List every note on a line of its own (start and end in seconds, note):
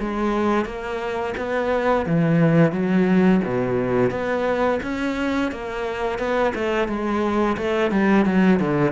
0.00 0.65 G#3
0.65 1.34 A#3
1.37 2.06 B3
2.06 2.72 E3
2.72 3.41 F#3
3.45 4.10 B2
4.10 4.79 B3
4.83 5.52 C#4
5.52 6.19 A#3
6.19 6.53 B3
6.55 6.88 A3
6.88 7.57 G#3
7.57 7.91 A3
7.91 8.25 G3
8.25 8.60 F#3
8.60 8.92 D3